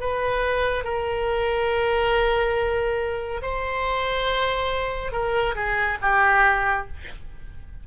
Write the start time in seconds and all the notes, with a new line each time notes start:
0.00 B4
0.84 A#4
3.42 C5
5.12 A#4
5.55 G#4
6.02 G4